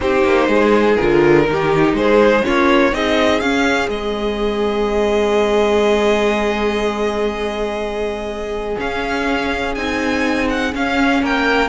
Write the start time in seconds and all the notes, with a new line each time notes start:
0.00 C4 D#4 G4 C5
0.24 A#3
0.48 G#3 G#4
0.96 D3 F4 A#4
1.45 D#3 D#4 G4
1.93 G#3 G#4 C5
2.43 A#3 C#4 F4 C#5
2.92 C4 D#4 G#4 D#5
3.39 C#4 F5
3.88 G#3 C4 D#5
8.76 C#4 F5
9.75 C4 D#4 G#5
10.49 F#5
10.73 C#4 F5
11.21 A#3 A#4 G5